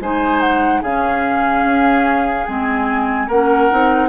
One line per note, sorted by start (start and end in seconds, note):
0.00 0.82 G#3
0.00 0.84 D#4
0.00 0.82 C5
0.00 0.41 G#5
0.41 0.82 F#5
0.82 1.64 C#3
0.82 2.48 C#4
0.82 3.28 G#4
0.82 2.47 F5
1.64 2.47 C#4
2.47 3.28 G#3
2.47 3.30 C4
2.47 3.29 G#5
3.28 3.70 A#3
3.28 3.71 C#4
3.28 4.09 A#4
3.28 4.09 F#5
3.71 4.09 C4
3.71 4.09 D#4